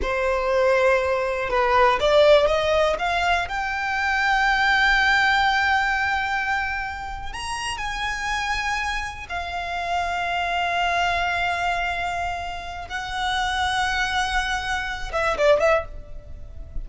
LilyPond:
\new Staff \with { instrumentName = "violin" } { \time 4/4 \tempo 4 = 121 c''2. b'4 | d''4 dis''4 f''4 g''4~ | g''1~ | g''2~ g''8. ais''4 gis''16~ |
gis''2~ gis''8. f''4~ f''16~ | f''1~ | f''2 fis''2~ | fis''2~ fis''8 e''8 d''8 e''8 | }